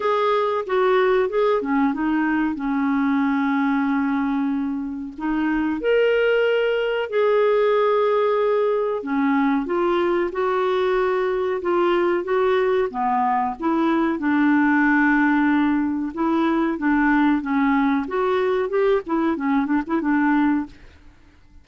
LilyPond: \new Staff \with { instrumentName = "clarinet" } { \time 4/4 \tempo 4 = 93 gis'4 fis'4 gis'8 cis'8 dis'4 | cis'1 | dis'4 ais'2 gis'4~ | gis'2 cis'4 f'4 |
fis'2 f'4 fis'4 | b4 e'4 d'2~ | d'4 e'4 d'4 cis'4 | fis'4 g'8 e'8 cis'8 d'16 e'16 d'4 | }